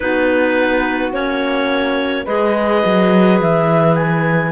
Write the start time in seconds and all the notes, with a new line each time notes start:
0.00 B3 D#4 F#4 B4
1.12 A#3 C#4 C#5
2.24 G#3 G#4 B4 D#5
2.85 F#3
3.40 E3 E5
3.95 G#5